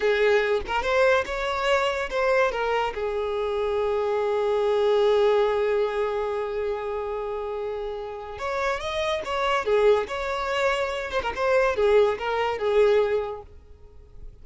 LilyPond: \new Staff \with { instrumentName = "violin" } { \time 4/4 \tempo 4 = 143 gis'4. ais'8 c''4 cis''4~ | cis''4 c''4 ais'4 gis'4~ | gis'1~ | gis'1~ |
gis'1 | cis''4 dis''4 cis''4 gis'4 | cis''2~ cis''8 c''16 ais'16 c''4 | gis'4 ais'4 gis'2 | }